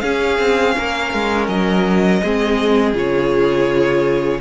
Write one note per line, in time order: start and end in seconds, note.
0.00 0.38 C#4
0.00 2.21 C#4
0.00 0.75 G#4
0.00 1.46 F5
0.38 0.75 C4
0.77 1.13 A#3
0.77 2.21 A#4
1.13 1.48 G#3
1.48 2.21 F#3
1.48 2.94 D#5
2.21 2.94 G#3
2.21 2.94 C4
2.21 4.41 G#4
2.94 4.40 C#3
2.94 4.40 F4
2.94 4.41 C#5